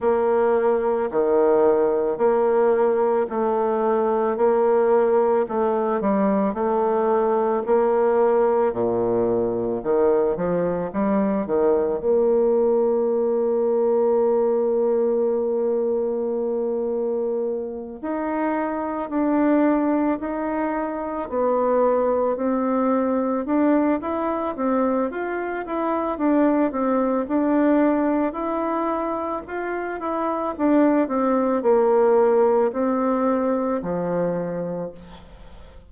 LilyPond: \new Staff \with { instrumentName = "bassoon" } { \time 4/4 \tempo 4 = 55 ais4 dis4 ais4 a4 | ais4 a8 g8 a4 ais4 | ais,4 dis8 f8 g8 dis8 ais4~ | ais1~ |
ais8 dis'4 d'4 dis'4 b8~ | b8 c'4 d'8 e'8 c'8 f'8 e'8 | d'8 c'8 d'4 e'4 f'8 e'8 | d'8 c'8 ais4 c'4 f4 | }